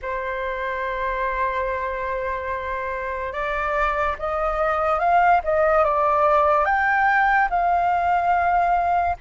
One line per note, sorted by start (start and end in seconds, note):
0.02 3.33 C5
3.33 4.16 D5
4.19 4.98 D#5
4.98 5.40 F5
5.44 5.84 D#5
5.84 6.65 D5
6.65 7.48 G5
7.50 9.16 F5